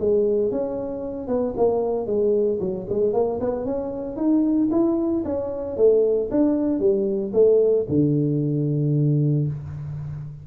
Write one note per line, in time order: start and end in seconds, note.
0.00 0.51 G#3
0.51 1.28 C#4
1.28 1.54 B3
1.57 2.07 A#3
2.07 2.60 G#3
2.61 2.87 F#3
2.90 3.14 G#3
3.14 3.40 A#3
3.41 3.66 B3
3.66 4.17 C#4
4.17 4.69 D#4
4.71 5.24 E4
5.25 5.77 C#4
5.77 6.30 A3
6.31 6.80 D4
6.80 7.33 G3
7.33 7.86 A3
7.89 9.47 D3